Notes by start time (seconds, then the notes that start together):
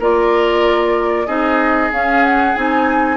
0.00 A#3 F4 A#4 D5
1.27 C4 D#4 G#4 D#5
1.92 C#4 F5
2.24 F#5
2.56 C4 D#4 G#5